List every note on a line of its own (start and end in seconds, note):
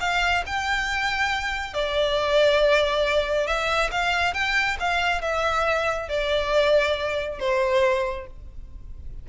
0.00 0.43 F5
0.46 1.74 G5
1.74 3.46 D5
3.46 3.90 E5
3.91 4.33 F5
4.33 4.77 G5
4.79 5.21 F5
5.21 6.08 E5
6.08 7.39 D5
7.39 8.26 C5